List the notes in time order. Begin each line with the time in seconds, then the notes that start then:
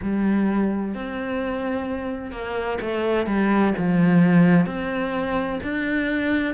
0.02 G3
0.94 C4
2.31 A#3
2.81 A3
3.26 G3
3.77 F3
4.65 C4
5.63 D4